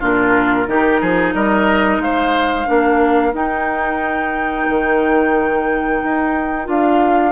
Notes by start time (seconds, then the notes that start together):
0.00 A#2 D4 F4 A#4
0.67 D#3 D#4 G4
1.01 F3 G#4
1.34 G3 A#4 D#5
1.99 G#3 C5 F5
2.66 A#3 D4 A#4
3.33 D#4 G5
4.70 D#3
6.04 D#4
6.65 D4 F4 F5